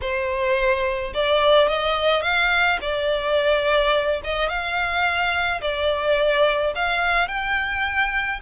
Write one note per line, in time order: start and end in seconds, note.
0.01 1.13 C5
1.14 1.68 D5
1.68 2.22 D#5
2.22 2.78 F5
2.81 4.21 D5
4.23 4.48 D#5
4.48 5.60 F5
5.61 6.73 D5
6.75 7.28 F5
7.28 8.40 G5